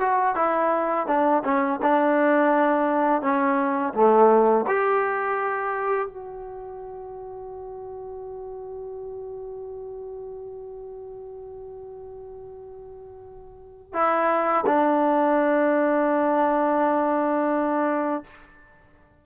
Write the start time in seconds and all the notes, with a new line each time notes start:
0.00 F#4
0.36 E4
1.07 D4
1.44 C#4
1.82 D4
3.22 C#4
3.94 A3
4.68 G4
6.08 F#4
13.94 E4
14.67 D4